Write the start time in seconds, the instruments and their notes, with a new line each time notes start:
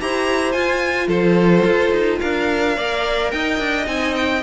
0.00 cello E4, viola G4, violin C5 A#5
0.52 viola F4, cello F4, violin G#5
1.08 cello F3, violin A4 C5
1.65 cello F4
1.91 cello D#4
2.20 cello D4, violin A#4 F5
2.76 cello A#3, viola A#4, violin D5
3.31 cello D#4, violin D#5 G5
3.59 cello D4
3.84 cello C4, viola D#4, violin G#5
4.16 violin G5